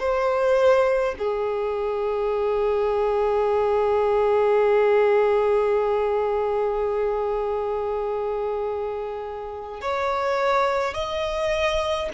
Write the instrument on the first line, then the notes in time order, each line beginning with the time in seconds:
violin
0.00 C5
1.19 G#4
9.81 C#5
10.94 D#5